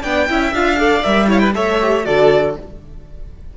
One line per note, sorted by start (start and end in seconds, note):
0.00 0.29 B3
0.00 0.28 D4
0.00 0.25 D5
0.00 0.53 G5
0.28 0.52 C#4
0.28 0.54 E4
0.28 0.79 E5
0.52 1.03 D4
0.52 0.76 F4
0.52 1.03 F5
0.76 1.02 A4
0.76 1.28 D5
1.03 1.56 G3
1.03 1.27 A#4
1.03 1.29 E5
1.27 1.52 E4
1.27 1.41 C#5
1.27 1.39 F5
1.39 1.54 B4
1.39 1.51 G5
1.55 2.06 A3
1.55 1.80 A4
1.55 2.06 C#5
1.55 2.05 E5
1.81 2.04 G4
2.04 2.57 D3
2.04 2.55 F#4
2.04 2.57 A4
2.04 2.56 D5